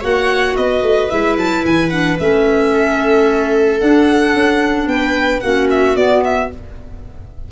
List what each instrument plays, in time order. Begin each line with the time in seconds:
0.00 tuba A#3, clarinet F#4, viola C#5, violin F#5
0.57 tuba B3, viola B4, violin D#5
0.82 tuba A3
1.09 tuba G#3, clarinet E4, violin E5
1.37 tuba F#3, violin A5
1.65 tuba E3, violin G#5
1.90 clarinet D4, violin F#5
2.20 tuba A3, clarinet C#4, violin E5
2.73 viola A4
3.80 clarinet D4, tuba D4, violin F#5
4.34 tuba C#4
4.87 tuba B3, viola B4, violin G5
5.40 tuba A#3, clarinet C#4, viola F#4, violin F#5
5.70 violin E5
5.95 clarinet B3, tuba B3, violin D5
6.25 violin E5